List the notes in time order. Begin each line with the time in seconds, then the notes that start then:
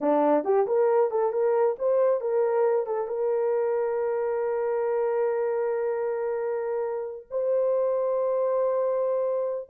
0.00 D4
0.44 G4
0.66 A#4
1.10 A4
1.32 A#4
1.78 C5
2.20 A#4
2.86 A4
3.07 A#4
7.30 C5